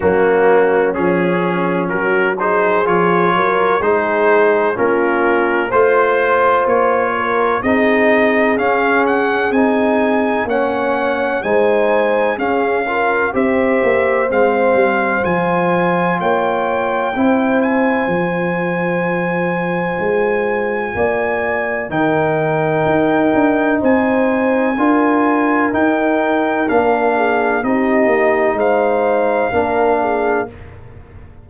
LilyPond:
<<
  \new Staff \with { instrumentName = "trumpet" } { \time 4/4 \tempo 4 = 63 fis'4 gis'4 ais'8 c''8 cis''4 | c''4 ais'4 c''4 cis''4 | dis''4 f''8 fis''8 gis''4 fis''4 | gis''4 f''4 e''4 f''4 |
gis''4 g''4. gis''4.~ | gis''2. g''4~ | g''4 gis''2 g''4 | f''4 dis''4 f''2 | }
  \new Staff \with { instrumentName = "horn" } { \time 4/4 cis'2 fis'8 gis'4 ais'8 | gis'4 f'4 c''4. ais'8 | gis'2. cis''4 | c''4 gis'8 ais'8 c''2~ |
c''4 cis''4 c''2~ | c''2 d''4 ais'4~ | ais'4 c''4 ais'2~ | ais'8 gis'8 g'4 c''4 ais'8 gis'8 | }
  \new Staff \with { instrumentName = "trombone" } { \time 4/4 ais4 cis'4. dis'8 f'4 | dis'4 cis'4 f'2 | dis'4 cis'4 dis'4 cis'4 | dis'4 cis'8 f'8 g'4 c'4 |
f'2 e'4 f'4~ | f'2. dis'4~ | dis'2 f'4 dis'4 | d'4 dis'2 d'4 | }
  \new Staff \with { instrumentName = "tuba" } { \time 4/4 fis4 f4 fis4 f8 fis8 | gis4 ais4 a4 ais4 | c'4 cis'4 c'4 ais4 | gis4 cis'4 c'8 ais8 gis8 g8 |
f4 ais4 c'4 f4~ | f4 gis4 ais4 dis4 | dis'8 d'8 c'4 d'4 dis'4 | ais4 c'8 ais8 gis4 ais4 | }
>>